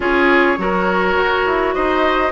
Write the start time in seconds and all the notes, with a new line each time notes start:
0.00 C#4 F4 G#4 C#5
0.58 F#3 F#4 A#4
1.17 F#4
1.46 E4
1.73 D#4 C5 D#5